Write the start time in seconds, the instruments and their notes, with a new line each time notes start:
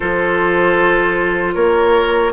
0.00 bassoon F3, clarinet F4, oboe A4, flute C5
1.54 bassoon A#3, oboe A#4, flute C#5